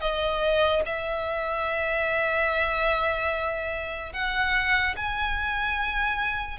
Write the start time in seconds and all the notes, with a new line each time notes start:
0.00 D#5
0.85 E5
4.13 F#5
4.96 G#5